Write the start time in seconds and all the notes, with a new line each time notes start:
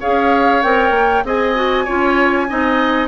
0.00 C#4 G#4 C#5 F5
0.62 C4 A#4 G5
0.90 A#3
1.24 C4 G#4 D#5 G#5
1.55 F#4
1.84 C#4 F4 C#5
2.48 C4 D#4 D#5